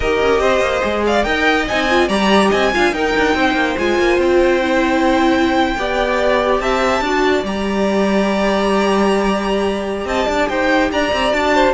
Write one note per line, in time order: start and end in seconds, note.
0.00 0.21 D#4
0.00 0.81 G4
0.00 0.41 A#4
0.00 1.04 D#5
0.21 0.39 C#4
0.39 0.60 C4
0.39 1.03 C5
0.60 0.81 A#3
0.81 1.25 G#3
0.81 1.23 G#4
1.06 1.25 D5
1.06 1.23 F5
1.23 1.67 D#4
1.23 1.65 A#4
1.23 2.08 D#5
1.23 1.65 G5
1.67 2.08 C4
1.67 1.88 D#4
1.67 2.09 G#5
1.89 2.09 F4
2.08 2.50 G3
2.08 2.72 G4
2.08 2.48 D5
2.08 2.51 A#5
2.48 2.73 C4
2.48 2.69 D#5
2.48 2.93 G#5
2.72 2.92 D4
2.72 2.93 F4
2.72 2.94 F5
2.92 3.13 D#4
2.92 3.77 D#4
2.92 3.36 A#4
2.92 3.77 G5
3.17 3.34 D4
3.34 3.54 C4
3.34 5.77 C5
3.54 3.75 A#3
3.78 3.98 G#3
3.78 4.61 F4
3.78 4.20 G#5
3.98 4.17 A#3
4.17 5.75 C4
4.17 6.59 G5
4.61 5.76 E4
5.78 6.60 B3
5.78 7.04 G4
5.78 6.61 D5
6.59 7.00 C4
6.59 7.03 E5
6.59 7.43 A5
7.00 7.42 D4
7.00 7.44 F#4
7.00 10.07 D5
7.43 10.05 G3
7.43 11.31 G4
7.43 10.07 A#5
10.05 10.26 C4
10.05 10.27 D#5
10.05 10.48 A5
10.27 10.49 D4
10.27 10.48 D5
10.48 10.91 D#4
10.48 10.91 C5
10.48 10.90 G5
10.91 11.12 D4
10.91 11.55 D5
10.91 11.33 A#5
11.12 11.33 C4
11.31 11.73 D4
11.31 11.73 F#4
11.31 11.73 A5
11.55 11.73 C5